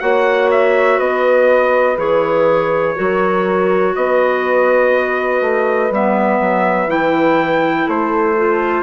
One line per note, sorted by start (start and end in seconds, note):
0.00 0.99 A#3
0.00 1.97 F#4
0.00 0.98 C#5
0.00 0.49 F#5
0.51 0.99 E5
0.98 1.97 B3
0.98 2.94 B4
0.98 1.98 D#5
1.97 2.96 E3
1.97 2.95 G#4
1.97 3.96 C#5
2.95 3.96 F#3
2.95 5.90 F#4
2.95 3.94 A#4
3.96 5.41 B3
3.96 7.86 B4
3.96 5.93 D#5
5.41 5.91 A3
5.91 6.40 G3
5.91 6.88 B3
5.91 6.91 E5
6.40 6.87 F#3
6.87 7.86 E3
6.87 8.35 E4
6.87 7.89 G5
7.86 8.83 A3
7.86 8.83 A4
7.86 8.83 C5
8.37 8.83 F4